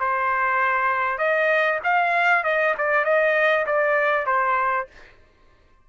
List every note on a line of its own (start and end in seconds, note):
0.00 1.19 C5
1.19 1.80 D#5
1.84 2.44 F5
2.44 2.75 D#5
2.78 3.05 D5
3.05 3.66 D#5
3.67 4.27 D5
4.27 4.88 C5